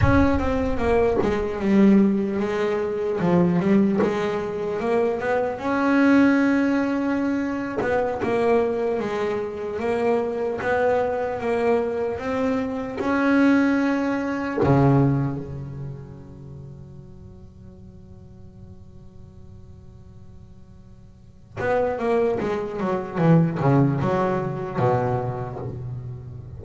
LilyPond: \new Staff \with { instrumentName = "double bass" } { \time 4/4 \tempo 4 = 75 cis'8 c'8 ais8 gis8 g4 gis4 | f8 g8 gis4 ais8 b8 cis'4~ | cis'4.~ cis'16 b8 ais4 gis8.~ | gis16 ais4 b4 ais4 c'8.~ |
c'16 cis'2 cis4 fis8.~ | fis1~ | fis2. b8 ais8 | gis8 fis8 e8 cis8 fis4 b,4 | }